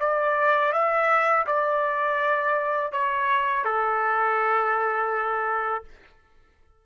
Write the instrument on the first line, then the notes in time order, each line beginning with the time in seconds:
trumpet
0.00 D5
0.73 E5
1.47 D5
2.92 C#5
3.65 A4